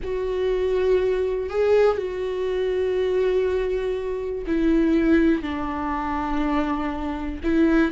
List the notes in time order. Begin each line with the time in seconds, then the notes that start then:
0.03 F#4
1.49 G#4
1.97 F#4
4.47 E4
5.42 D4
7.43 E4